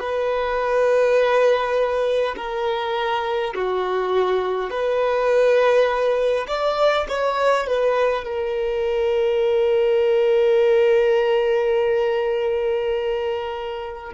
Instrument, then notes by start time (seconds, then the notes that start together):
violin
0.00 B4
2.37 A#4
3.55 F#4
4.70 B4
6.48 D5
7.09 C#5
7.67 B4
8.25 A#4